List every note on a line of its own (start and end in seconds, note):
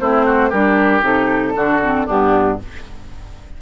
0.00 0.52 A3
0.00 0.52 C4
0.00 0.26 E4
0.00 0.51 C5
0.26 0.50 F#4
0.50 1.02 G3
0.50 1.02 D4
0.50 1.53 G4
0.50 1.03 A#4
1.02 1.54 C3
1.02 1.54 D#4
1.02 2.08 A4
1.55 2.07 D3
1.55 1.80 D4
1.55 2.06 F#4
1.82 2.07 C4
2.06 2.62 G2
2.06 2.59 B3
2.06 2.58 D4
2.06 2.60 G4